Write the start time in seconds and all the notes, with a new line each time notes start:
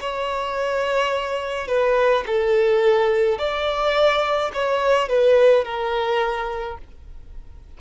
0.00 C#5
1.67 B4
2.26 A4
3.38 D5
4.53 C#5
5.09 B4
5.64 A#4